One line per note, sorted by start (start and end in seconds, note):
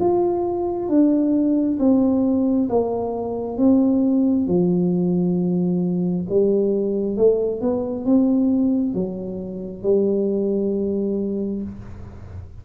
0.00 0.90 F4
0.90 1.79 D4
1.80 2.69 C4
2.70 3.58 A#3
3.58 4.48 C4
4.48 6.27 F3
6.30 7.17 G3
7.17 7.62 A3
7.62 8.06 B3
8.06 8.95 C4
8.95 9.83 F#3
9.83 11.63 G3